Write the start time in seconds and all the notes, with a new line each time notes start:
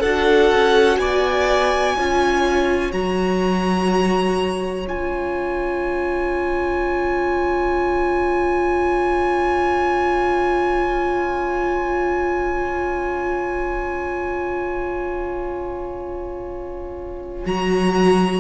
0.00 D4 F#4 A4 F#5
0.52 C#4
0.97 B3 D5 G#5
1.97 C#4 F4 C#5
2.92 F#3 F#4 A#5
4.86 C#4 F4 G#5
17.45 F#3 F#4 A#5